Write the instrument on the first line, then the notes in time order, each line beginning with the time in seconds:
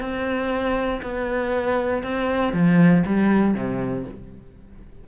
cello
0.00 C4
1.02 B3
2.03 C4
2.53 F3
3.06 G3
3.54 C3